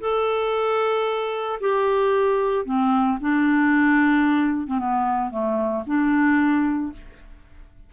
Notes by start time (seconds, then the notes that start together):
0.00 A4
1.60 G4
2.65 C4
3.20 D4
4.67 C4
4.79 B3
5.30 A3
5.86 D4